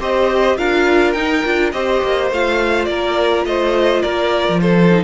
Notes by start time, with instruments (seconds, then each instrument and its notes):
0.00 cello C4, viola G4, violin C5 D#5
0.58 cello D4, viola F4, violin A#4 F5
1.13 cello D#4, viola D#4, violin G5
1.45 cello D4, viola F4
1.72 cello C4, viola G4, violin C5 D#5
2.03 cello A#3
2.31 cello A3, viola F4, violin F5
2.85 cello A#3, violin A#4 D5
3.46 cello A3, violin C5 D#5
4.03 cello A#3, violin A#4 D5
4.49 cello F3
4.61 violin A4 C5
4.91 viola D#4